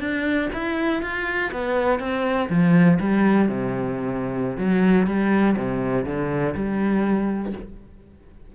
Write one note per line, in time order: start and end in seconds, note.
0.00 0.49 D4
0.53 1.03 E4
1.03 1.52 F4
1.52 2.00 B3
2.00 2.49 C4
2.50 2.99 F3
3.00 3.49 G3
3.49 4.58 C3
4.58 5.07 F#3
5.07 5.56 G3
5.57 6.05 C3
6.05 6.54 D3
6.55 7.53 G3